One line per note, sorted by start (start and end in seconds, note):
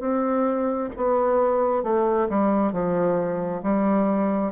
0.00 0.90 C4
0.96 1.83 B3
1.83 2.28 A3
2.29 2.72 G3
2.72 3.62 F3
3.63 4.52 G3